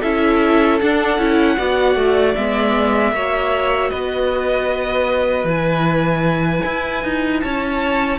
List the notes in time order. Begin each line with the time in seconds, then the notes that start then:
0.00 C#4 E4 A4 E5
0.80 D4 F#5
1.19 C#4 E4
1.58 B3 F#4 D5
1.95 A3
2.35 G#3 B3 E5
3.12 A#3 F#4 C#5
3.90 B3 B4 D#5
5.44 E3 E4 G#5
6.65 E4
7.04 D#4
7.40 C#4 C#5 A5